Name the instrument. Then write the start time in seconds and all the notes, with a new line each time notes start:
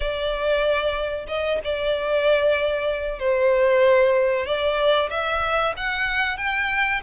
violin
0.00 D5
1.27 D#5
1.63 D5
3.19 C5
4.45 D5
5.10 E5
5.76 F#5
6.37 G5